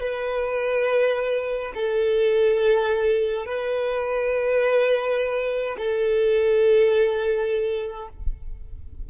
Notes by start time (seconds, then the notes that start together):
0.00 B4
1.75 A4
3.46 B4
5.77 A4